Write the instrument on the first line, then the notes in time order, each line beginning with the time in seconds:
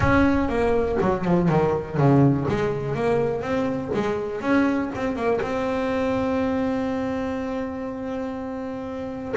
double bass
0.00 C#4
0.48 A#3
1.00 F#3
1.25 F3
1.49 D#3
1.97 C#3
2.48 G#3
2.94 A#3
3.41 C4
3.94 G#3
4.41 C#4
4.95 C4
5.15 A#3
5.41 C4